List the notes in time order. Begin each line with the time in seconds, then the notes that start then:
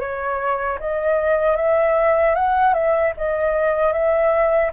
0.00 C#5
0.80 D#5
1.56 E5
2.35 F#5
2.74 E5
3.17 D#5
3.93 E5